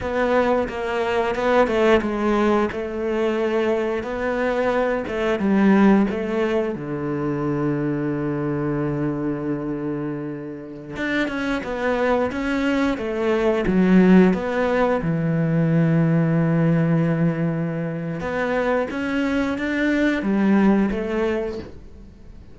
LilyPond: \new Staff \with { instrumentName = "cello" } { \time 4/4 \tempo 4 = 89 b4 ais4 b8 a8 gis4 | a2 b4. a8 | g4 a4 d2~ | d1~ |
d16 d'8 cis'8 b4 cis'4 a8.~ | a16 fis4 b4 e4.~ e16~ | e2. b4 | cis'4 d'4 g4 a4 | }